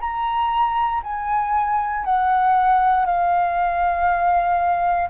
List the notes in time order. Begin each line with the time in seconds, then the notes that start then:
0.00 A#5
1.03 G#5
2.04 F#5
3.05 F5